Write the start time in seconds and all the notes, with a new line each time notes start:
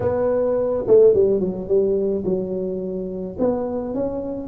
0.00 B3
0.87 A3
1.14 G3
1.40 F#3
1.68 G3
2.24 F#3
3.38 B3
3.94 C#4